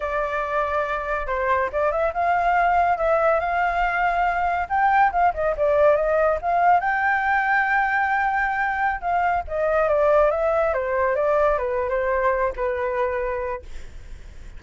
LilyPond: \new Staff \with { instrumentName = "flute" } { \time 4/4 \tempo 4 = 141 d''2. c''4 | d''8 e''8 f''2 e''4 | f''2. g''4 | f''8 dis''8 d''4 dis''4 f''4 |
g''1~ | g''4~ g''16 f''4 dis''4 d''8.~ | d''16 e''4 c''4 d''4 b'8. | c''4. b'2~ b'8 | }